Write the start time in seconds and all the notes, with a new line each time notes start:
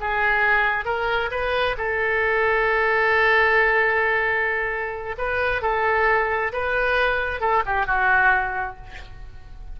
0.00 G#4
0.85 A#4
1.31 B4
1.77 A4
5.18 B4
5.62 A4
6.52 B4
7.40 A4
7.65 G4
7.86 F#4